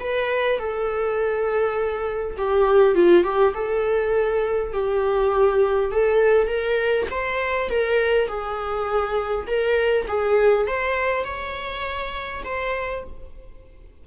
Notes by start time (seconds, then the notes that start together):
0.00 B4
0.59 A4
2.38 G4
2.95 F4
3.24 G4
3.54 A4
4.73 G4
5.92 A4
6.48 A#4
7.11 C5
7.70 A#4
8.28 G#4
9.47 A#4
10.08 G#4
10.67 C5
11.24 C#5
12.44 C5